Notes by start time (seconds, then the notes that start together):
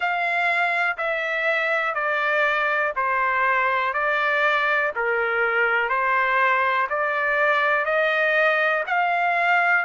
0.00 F5
0.97 E5
1.94 D5
2.96 C5
3.93 D5
4.95 A#4
5.89 C5
6.89 D5
7.85 D#5
8.87 F5